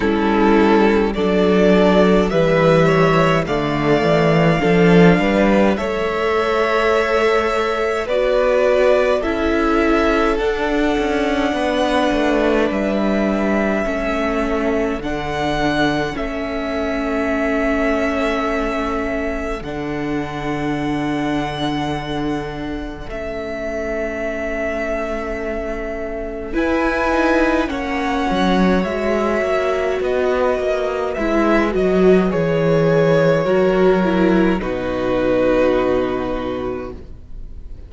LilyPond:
<<
  \new Staff \with { instrumentName = "violin" } { \time 4/4 \tempo 4 = 52 a'4 d''4 e''4 f''4~ | f''4 e''2 d''4 | e''4 fis''2 e''4~ | e''4 fis''4 e''2~ |
e''4 fis''2. | e''2. gis''4 | fis''4 e''4 dis''4 e''8 dis''8 | cis''2 b'2 | }
  \new Staff \with { instrumentName = "violin" } { \time 4/4 e'4 a'4 b'8 cis''8 d''4 | a'8 b'8 cis''2 b'4 | a'2 b'2 | a'1~ |
a'1~ | a'2. b'4 | cis''2 b'2~ | b'4 ais'4 fis'2 | }
  \new Staff \with { instrumentName = "viola" } { \time 4/4 cis'4 d'4 g4 a4 | d'4 a'2 fis'4 | e'4 d'2. | cis'4 d'4 cis'2~ |
cis'4 d'2. | cis'2. e'8 dis'8 | cis'4 fis'2 e'8 fis'8 | gis'4 fis'8 e'8 dis'2 | }
  \new Staff \with { instrumentName = "cello" } { \time 4/4 g4 fis4 e4 d8 e8 | f8 g8 a2 b4 | cis'4 d'8 cis'8 b8 a8 g4 | a4 d4 a2~ |
a4 d2. | a2. e'4 | ais8 fis8 gis8 ais8 b8 ais8 gis8 fis8 | e4 fis4 b,2 | }
>>